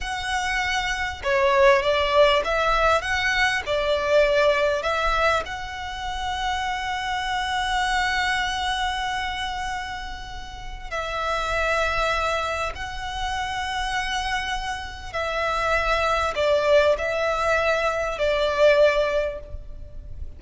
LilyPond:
\new Staff \with { instrumentName = "violin" } { \time 4/4 \tempo 4 = 99 fis''2 cis''4 d''4 | e''4 fis''4 d''2 | e''4 fis''2.~ | fis''1~ |
fis''2 e''2~ | e''4 fis''2.~ | fis''4 e''2 d''4 | e''2 d''2 | }